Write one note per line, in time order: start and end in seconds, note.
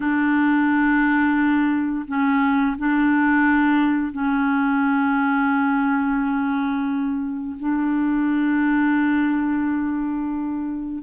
0.00 2.05 D4
2.07 2.76 C#4
2.77 4.12 D4
4.12 7.56 C#4
7.59 11.03 D4